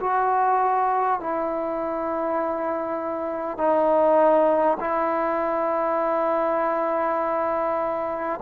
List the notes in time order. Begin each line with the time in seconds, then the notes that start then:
0.00 F#4
1.19 E4
3.57 D#4
4.79 E4